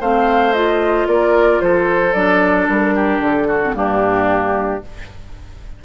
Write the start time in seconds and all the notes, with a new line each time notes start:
0.00 A3 C4 C5 F5
0.53 F4 D#5
1.07 A#3 A#4 D5
1.60 F3 A4 C5
2.13 F#3 D4 D5
2.68 G3 A#4
2.95 G4
3.20 D3 A4
3.48 F#4
3.62 C4
3.73 G2 A#3 D4 G4